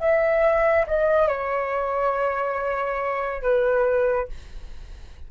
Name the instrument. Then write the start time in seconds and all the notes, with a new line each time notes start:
flute
0.00 E5
0.87 D#5
1.28 C#5
3.42 B4